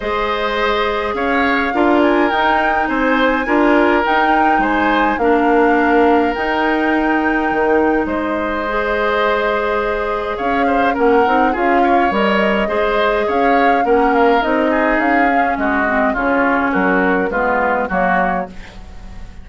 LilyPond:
<<
  \new Staff \with { instrumentName = "flute" } { \time 4/4 \tempo 4 = 104 dis''2 f''4. gis''8 | g''4 gis''2 g''4 | gis''4 f''2 g''4~ | g''2 dis''2~ |
dis''2 f''4 fis''4 | f''4 dis''2 f''4 | fis''8 f''8 dis''4 f''4 dis''4 | cis''4 ais'4 b'4 cis''4 | }
  \new Staff \with { instrumentName = "oboe" } { \time 4/4 c''2 cis''4 ais'4~ | ais'4 c''4 ais'2 | c''4 ais'2.~ | ais'2 c''2~ |
c''2 cis''8 c''8 ais'4 | gis'8 cis''4. c''4 cis''4 | ais'4. gis'4. fis'4 | f'4 fis'4 f'4 fis'4 | }
  \new Staff \with { instrumentName = "clarinet" } { \time 4/4 gis'2. f'4 | dis'2 f'4 dis'4~ | dis'4 d'2 dis'4~ | dis'2. gis'4~ |
gis'2. cis'8 dis'8 | f'4 ais'4 gis'2 | cis'4 dis'4. cis'4 c'8 | cis'2 b4 ais4 | }
  \new Staff \with { instrumentName = "bassoon" } { \time 4/4 gis2 cis'4 d'4 | dis'4 c'4 d'4 dis'4 | gis4 ais2 dis'4~ | dis'4 dis4 gis2~ |
gis2 cis'4 ais8 c'8 | cis'4 g4 gis4 cis'4 | ais4 c'4 cis'4 gis4 | cis4 fis4 gis4 fis4 | }
>>